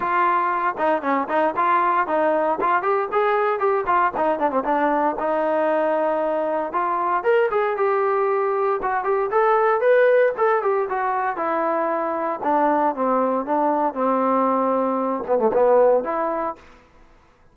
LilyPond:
\new Staff \with { instrumentName = "trombone" } { \time 4/4 \tempo 4 = 116 f'4. dis'8 cis'8 dis'8 f'4 | dis'4 f'8 g'8 gis'4 g'8 f'8 | dis'8 d'16 c'16 d'4 dis'2~ | dis'4 f'4 ais'8 gis'8 g'4~ |
g'4 fis'8 g'8 a'4 b'4 | a'8 g'8 fis'4 e'2 | d'4 c'4 d'4 c'4~ | c'4. b16 a16 b4 e'4 | }